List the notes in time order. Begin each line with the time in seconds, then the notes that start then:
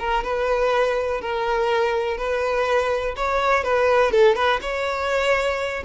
0.00 A#4
0.25 B4
1.21 A#4
2.18 B4
3.17 C#5
3.64 B4
4.12 A4
4.36 B4
4.62 C#5